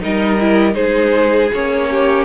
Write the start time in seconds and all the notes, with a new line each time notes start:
0.00 G3 D#4 A#4 D#5
0.40 E4
0.73 G#3 D#4 G#4 C5
1.53 A#3 C#4 C#5
1.91 G4